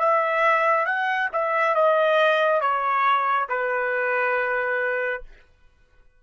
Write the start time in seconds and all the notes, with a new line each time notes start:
0.00 E5
0.86 F#5
1.33 E5
1.75 D#5
2.62 C#5
3.49 B4